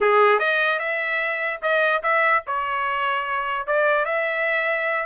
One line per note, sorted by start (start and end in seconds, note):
0.00 0.39 G#4
0.39 0.79 D#5
0.79 1.60 E5
1.62 2.02 D#5
2.03 2.43 E5
2.46 3.66 C#5
3.66 4.05 D5
4.05 5.06 E5